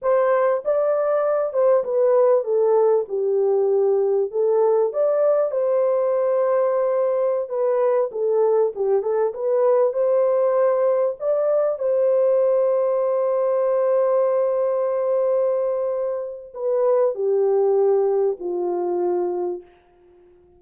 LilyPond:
\new Staff \with { instrumentName = "horn" } { \time 4/4 \tempo 4 = 98 c''4 d''4. c''8 b'4 | a'4 g'2 a'4 | d''4 c''2.~ | c''16 b'4 a'4 g'8 a'8 b'8.~ |
b'16 c''2 d''4 c''8.~ | c''1~ | c''2. b'4 | g'2 f'2 | }